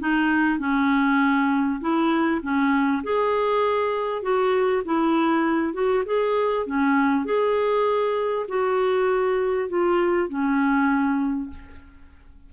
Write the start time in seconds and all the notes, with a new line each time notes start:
0.00 D#4
0.59 C#4
1.81 E4
2.42 C#4
3.04 G#4
4.22 F#4
4.85 E4
5.74 F#4
6.06 G#4
6.66 C#4
7.25 G#4
8.48 F#4
9.69 F4
10.29 C#4